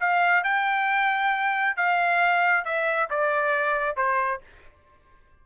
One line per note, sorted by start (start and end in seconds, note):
0.00 0.43 F5
0.43 1.76 G5
1.76 2.65 F5
2.65 3.09 E5
3.10 3.96 D5
3.96 4.40 C5